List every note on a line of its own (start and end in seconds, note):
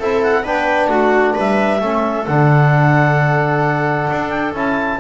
0.00 0.45 C4
0.00 0.44 E4
0.00 0.44 A4
0.00 0.23 E5
0.23 0.46 F#5
0.44 0.88 B3
0.44 1.81 D4
0.44 0.89 B4
0.44 0.89 G5
0.88 1.34 A3
0.88 1.34 F#4
0.88 1.34 F#5
1.34 1.81 G3
1.34 1.80 B4
1.34 2.27 E5
1.81 2.27 A3
1.81 2.27 C#4
1.81 4.99 A4
2.27 4.09 D3
2.27 4.55 D4
2.27 4.30 F#5
4.11 4.54 D4
4.30 4.52 G5
4.54 4.99 C#4
4.54 5.00 E4
4.54 5.00 A5